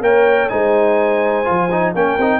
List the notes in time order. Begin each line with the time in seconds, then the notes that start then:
0.00 A#3 A#4 C#5 G5
0.49 G#3 D#4 C5 G#5
1.45 F3 F4
1.71 D#4
1.95 A#3 C#4 A#4 G5
2.18 C4 D#4